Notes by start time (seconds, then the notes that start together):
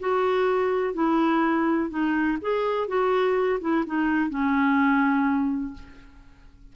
0.00 F#4
0.94 E4
1.90 D#4
2.42 G#4
2.88 F#4
3.61 E4
3.86 D#4
4.30 C#4